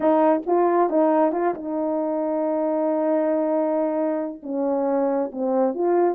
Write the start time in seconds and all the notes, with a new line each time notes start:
0.00 D#4
0.46 F4
0.89 D#4
1.32 F4
1.54 D#4
4.42 C#4
5.32 C4
5.74 F4